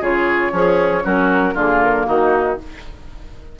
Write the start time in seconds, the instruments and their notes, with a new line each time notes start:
0.00 bassoon C#3, clarinet F4, oboe G#4, flute C#5
0.51 bassoon F3, oboe C#4, clarinet G#4
1.03 bassoon F#3, clarinet C#4, oboe F#4, flute A#4
1.54 bassoon D3, clarinet A#3, oboe F4, flute G#4
1.82 flute A#4
2.06 bassoon D#3, oboe D#4, flute F#4